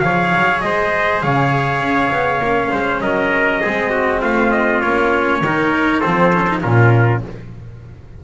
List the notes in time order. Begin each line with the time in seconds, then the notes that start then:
0.00 F3 G#4 C#5 F5
0.34 F#3
0.61 G#3 C5 D#5
1.22 C#3 C#5 F5
1.80 C#4
2.12 B3
2.39 A#3 C#4
2.71 G#3 C5
3.01 F#3 A#4 D#5
3.61 G#3 C4 G#4
3.90 F#4
4.21 A3 F4 F5
4.51 D#5
4.81 A#3 C#4 C#5
5.41 D#3 D#4 A#4
6.00 C4 A4 C5
6.06 F3
6.33 C#4
6.48 D#4
6.61 A#2 C#4 F4 A#4